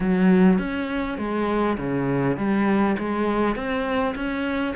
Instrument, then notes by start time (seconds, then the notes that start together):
cello
0.00 F#3
0.58 C#4
1.17 G#3
1.77 C#3
2.37 G3
2.99 G#3
3.55 C4
4.14 C#4